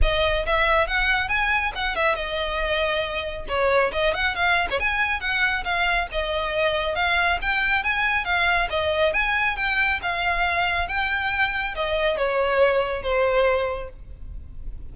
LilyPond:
\new Staff \with { instrumentName = "violin" } { \time 4/4 \tempo 4 = 138 dis''4 e''4 fis''4 gis''4 | fis''8 e''8 dis''2. | cis''4 dis''8 fis''8 f''8. cis''16 gis''4 | fis''4 f''4 dis''2 |
f''4 g''4 gis''4 f''4 | dis''4 gis''4 g''4 f''4~ | f''4 g''2 dis''4 | cis''2 c''2 | }